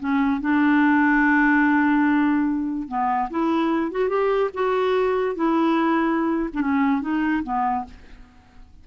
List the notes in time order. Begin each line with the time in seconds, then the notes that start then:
0.00 C#4
0.41 D4
2.88 B3
3.31 E4
3.92 F#4
4.09 G4
4.54 F#4
5.36 E4
6.53 D4
6.62 C#4
7.02 D#4
7.44 B3